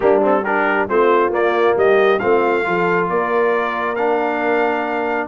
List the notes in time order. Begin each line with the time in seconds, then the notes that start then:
0.00 G3 A#3 D4 G4
0.21 C4 A4
0.41 D4 G4 A#4
0.88 A3 C4 F4 C5
1.29 A#3 D5
1.76 G3 G4 D#5
2.19 A3 C4 F4 F5
2.64 F3 F4 A4
3.09 A#3 A#4 D5
3.95 D4 F5